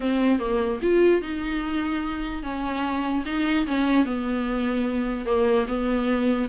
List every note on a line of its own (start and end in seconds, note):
0.00 0.39 C4
0.39 0.79 A#3
0.81 1.21 F4
1.21 2.43 D#4
2.43 3.24 C#4
3.25 3.66 D#4
3.66 4.05 C#4
4.05 5.25 B3
5.25 5.66 A#3
5.67 6.48 B3